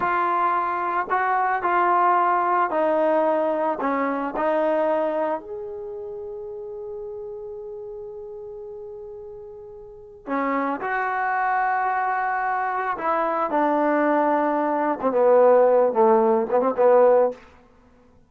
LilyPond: \new Staff \with { instrumentName = "trombone" } { \time 4/4 \tempo 4 = 111 f'2 fis'4 f'4~ | f'4 dis'2 cis'4 | dis'2 gis'2~ | gis'1~ |
gis'2. cis'4 | fis'1 | e'4 d'2~ d'8. c'16 | b4. a4 b16 c'16 b4 | }